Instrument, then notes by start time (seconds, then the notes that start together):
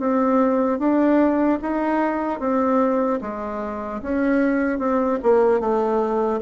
bassoon
0.00 C4
0.79 D4
1.62 D#4
2.40 C4
3.21 G#3
4.03 C#4
4.79 C4
5.23 A#3
5.60 A3